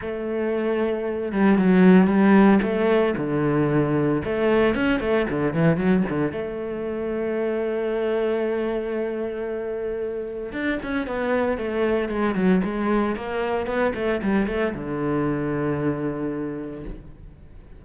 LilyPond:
\new Staff \with { instrumentName = "cello" } { \time 4/4 \tempo 4 = 114 a2~ a8 g8 fis4 | g4 a4 d2 | a4 cis'8 a8 d8 e8 fis8 d8 | a1~ |
a1 | d'8 cis'8 b4 a4 gis8 fis8 | gis4 ais4 b8 a8 g8 a8 | d1 | }